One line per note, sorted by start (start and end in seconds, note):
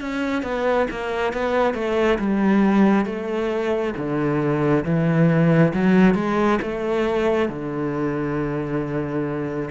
0.00 0.43 C#4
0.43 0.87 B3
0.90 1.33 A#3
1.33 1.74 B3
1.74 2.18 A3
2.19 3.05 G3
3.05 3.93 A3
3.96 4.84 D3
4.85 5.73 E3
5.74 6.14 F#3
6.14 6.59 G#3
6.61 7.49 A3
7.49 9.69 D3